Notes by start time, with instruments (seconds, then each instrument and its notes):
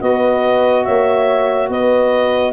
0.00 tuba B3, saxophone F#4, horn B4, clarinet D#5
0.85 tuba A#3, horn C#5, clarinet E5
1.69 tuba B3, horn B4, clarinet D#5